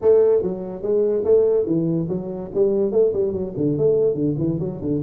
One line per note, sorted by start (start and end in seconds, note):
0.01 0.42 A3
0.42 0.82 F#3
0.82 1.24 G#3
1.24 1.66 A3
1.66 2.07 E3
2.09 2.50 F#3
2.54 2.91 G3
2.91 3.12 A3
3.13 3.32 G3
3.32 3.53 F#3
3.57 3.77 D3
3.77 4.14 A3
4.14 4.35 D3
4.38 4.59 E3
4.59 4.80 F#3
4.81 5.02 D3